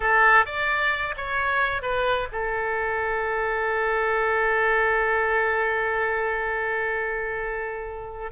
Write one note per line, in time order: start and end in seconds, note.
0.00 0.45 A4
0.45 1.15 D5
1.16 1.81 C#5
1.81 2.28 B4
2.32 8.31 A4